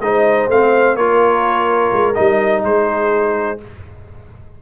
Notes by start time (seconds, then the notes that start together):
0.00 G#3 D#4 C5 D#5
0.48 A3 C4 F5
0.95 A#3 F4 A#4 C#5
1.93 G#3
2.14 G3 D#4 D#5
2.64 G#3 G#4 C5